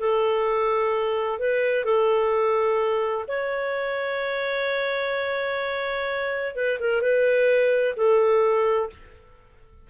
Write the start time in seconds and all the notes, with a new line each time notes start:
0.00 A4
1.39 B4
1.85 A4
3.28 C#5
6.56 B4
6.80 A#4
7.02 B4
7.97 A4